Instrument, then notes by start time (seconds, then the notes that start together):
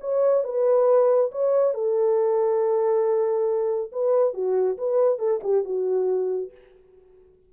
horn
0.00 C#5
0.43 B4
1.31 C#5
1.74 A4
3.92 B4
4.33 F#4
4.77 B4
5.19 A4
5.43 G4
5.64 F#4